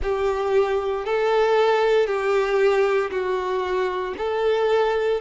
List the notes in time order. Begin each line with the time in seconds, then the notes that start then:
0.02 G4
1.05 A4
2.06 G4
3.10 F#4
4.17 A4